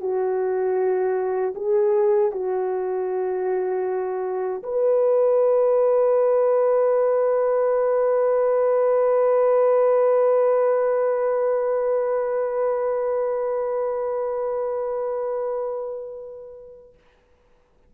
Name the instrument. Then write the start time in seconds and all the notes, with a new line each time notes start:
horn
0.00 F#4
1.55 G#4
2.31 F#4
4.63 B4